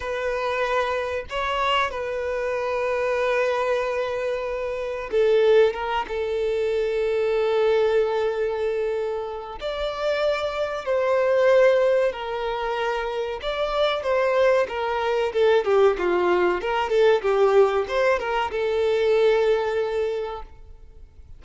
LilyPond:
\new Staff \with { instrumentName = "violin" } { \time 4/4 \tempo 4 = 94 b'2 cis''4 b'4~ | b'1 | a'4 ais'8 a'2~ a'8~ | a'2. d''4~ |
d''4 c''2 ais'4~ | ais'4 d''4 c''4 ais'4 | a'8 g'8 f'4 ais'8 a'8 g'4 | c''8 ais'8 a'2. | }